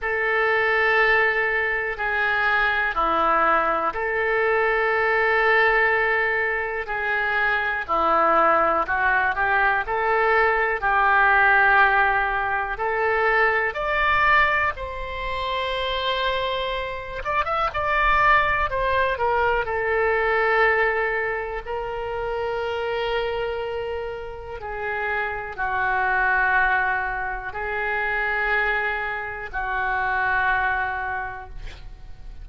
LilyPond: \new Staff \with { instrumentName = "oboe" } { \time 4/4 \tempo 4 = 61 a'2 gis'4 e'4 | a'2. gis'4 | e'4 fis'8 g'8 a'4 g'4~ | g'4 a'4 d''4 c''4~ |
c''4. d''16 e''16 d''4 c''8 ais'8 | a'2 ais'2~ | ais'4 gis'4 fis'2 | gis'2 fis'2 | }